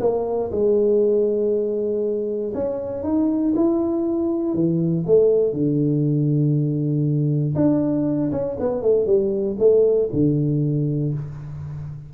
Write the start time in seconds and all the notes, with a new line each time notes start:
0.00 A#3
0.51 G#3
2.54 C#4
3.03 D#4
3.55 E4
4.54 E3
5.06 A3
5.53 D3
7.55 D4
8.31 C#4
8.59 B3
8.82 A3
9.06 G3
9.58 A3
10.13 D3